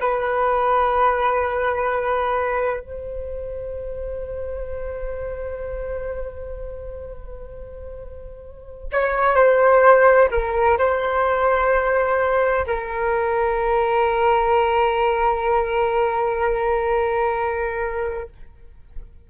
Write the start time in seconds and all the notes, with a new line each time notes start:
0.00 B4
2.80 C5
8.92 C#5
9.35 C5
10.31 A#4
10.78 C5
12.66 A#4